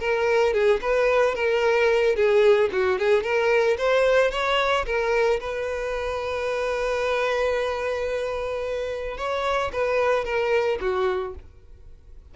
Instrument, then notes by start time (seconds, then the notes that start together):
violin
0.00 A#4
0.53 G#4
0.81 B4
1.35 A#4
2.16 G#4
2.72 F#4
2.99 G#4
3.23 A#4
3.78 C5
4.31 C#5
4.86 A#4
5.40 B4
9.17 C#5
9.73 B4
10.24 A#4
10.81 F#4